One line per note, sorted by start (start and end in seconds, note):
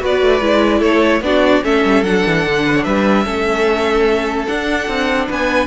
0.00 0.22 B3
0.00 0.41 F#4
0.00 0.79 B4
0.00 0.82 D5
0.22 0.41 A3
0.41 0.82 G#3
0.41 1.22 E4
0.79 1.22 A3
0.79 1.20 A4
0.79 1.23 C#5
1.22 1.62 B3
1.22 1.63 D4
1.22 1.64 F#4
1.22 1.64 D5
1.63 1.84 A3
1.63 2.04 C#4
1.63 2.65 A4
1.63 2.04 E5
1.85 2.03 G3
2.03 2.24 F#3
2.03 3.25 D4
2.03 2.84 F#5
2.26 2.46 E3
2.46 2.86 D3
2.66 2.75 B4
2.75 2.85 C#5
2.84 3.26 G3
2.84 3.25 B4
2.84 4.46 E5
3.25 4.48 A3
3.25 4.47 C#4
3.25 5.28 A4
4.47 5.67 D4
4.47 4.88 D4
4.47 5.28 F#5
4.88 5.29 C4
5.28 5.67 B3
5.28 5.67 B4
5.28 5.67 G#5